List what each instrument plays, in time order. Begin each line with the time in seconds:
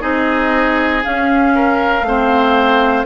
0.00 bassoon C4, clarinet D#4, oboe G#4, flute D#5
1.03 clarinet C#4, bassoon C#4, flute F5
1.55 oboe A#4
2.02 bassoon A3, clarinet C4, oboe C5